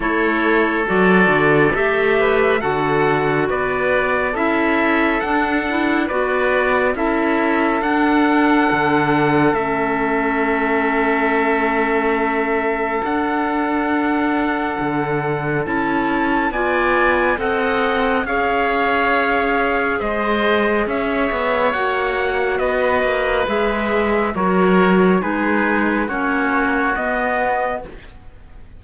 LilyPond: <<
  \new Staff \with { instrumentName = "trumpet" } { \time 4/4 \tempo 4 = 69 cis''4 d''4 e''4 fis''4 | d''4 e''4 fis''4 d''4 | e''4 fis''2 e''4~ | e''2. fis''4~ |
fis''2 a''4 gis''4 | fis''4 f''2 dis''4 | e''4 fis''4 dis''4 e''4 | cis''4 b'4 cis''4 dis''4 | }
  \new Staff \with { instrumentName = "oboe" } { \time 4/4 a'2~ a'8 b'8 a'4 | b'4 a'2 b'4 | a'1~ | a'1~ |
a'2. d''4 | dis''4 cis''2 c''4 | cis''2 b'2 | ais'4 gis'4 fis'2 | }
  \new Staff \with { instrumentName = "clarinet" } { \time 4/4 e'4 fis'4 g'4 fis'4~ | fis'4 e'4 d'8 e'8 fis'4 | e'4 d'2 cis'4~ | cis'2. d'4~ |
d'2 e'4 f'4 | a'4 gis'2.~ | gis'4 fis'2 gis'4 | fis'4 dis'4 cis'4 b4 | }
  \new Staff \with { instrumentName = "cello" } { \time 4/4 a4 fis8 d8 a4 d4 | b4 cis'4 d'4 b4 | cis'4 d'4 d4 a4~ | a2. d'4~ |
d'4 d4 cis'4 b4 | c'4 cis'2 gis4 | cis'8 b8 ais4 b8 ais8 gis4 | fis4 gis4 ais4 b4 | }
>>